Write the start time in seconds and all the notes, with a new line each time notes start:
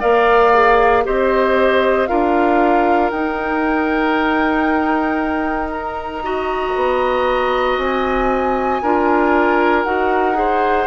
0.00 A#3 A#4 D5 F5
0.53 G#4
1.04 C4 G4 C5 D#5
2.07 D4 F4 A#4 F5
3.11 D#4 G5
5.72 A#5
6.23 F#4 D#5
6.76 B3
7.78 C4 G#5
8.82 D4 F4 A#4
9.84 D#4 F#4 F#5
10.34 G#4 C5